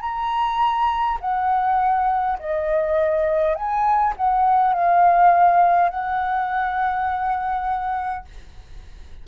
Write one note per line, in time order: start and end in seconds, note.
0.00 1.18 A#5
1.20 2.38 F#5
2.39 3.55 D#5
3.55 4.13 G#5
4.17 4.73 F#5
4.73 5.89 F5
5.89 8.25 F#5